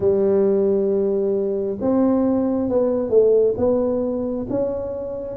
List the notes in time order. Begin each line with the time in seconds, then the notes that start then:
0.00 G3
1.80 C4
2.68 B3
3.09 A3
3.57 B3
4.49 C#4